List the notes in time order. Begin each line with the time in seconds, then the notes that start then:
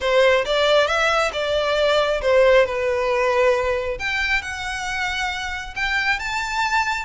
0.00 C5
0.45 D5
0.87 E5
1.33 D5
2.21 C5
2.66 B4
3.98 G5
4.41 F#5
5.75 G5
6.19 A5